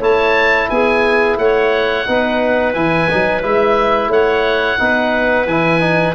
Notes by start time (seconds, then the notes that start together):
0.00 A3 E4 C#5 A5
0.70 B3 G#4 G#5
1.38 A3 C#5 F#5
2.06 B3 D#4 B4
2.74 E3 E4 G#5
3.11 F#3 D#4
3.42 G#3 E4 E5
4.08 A3 C#5 F#5
4.78 B3 D#4 B4
5.46 E3 E4 G#5
5.81 D#4